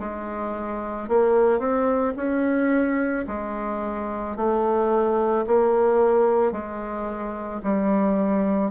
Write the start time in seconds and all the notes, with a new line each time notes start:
0.00 G#3
1.09 A#3
1.60 C4
2.17 C#4
3.28 G#3
4.37 A3
5.47 A#3
6.53 G#3
7.64 G3